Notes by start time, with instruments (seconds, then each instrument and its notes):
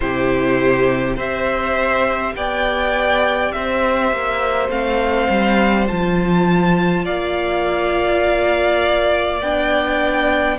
0.00 cello C3, viola E4, violin G4 C5
1.15 cello C4, viola G4, violin C5 E5
2.35 cello B3, violin D5 G5
3.51 cello C4, violin C5 E5
4.12 cello A#3
4.68 cello A3, viola C4, violin F5
5.29 cello G3
5.87 cello F3, viola F4, violin A5
7.04 cello A#3, violin D5 F5
9.40 cello B3, viola D4, violin G5